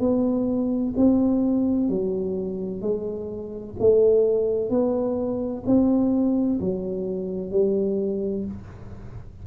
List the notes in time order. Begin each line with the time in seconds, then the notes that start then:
0.00 B3
0.97 C4
1.89 F#3
2.82 G#3
3.80 A3
4.70 B3
5.66 C4
6.61 F#3
7.51 G3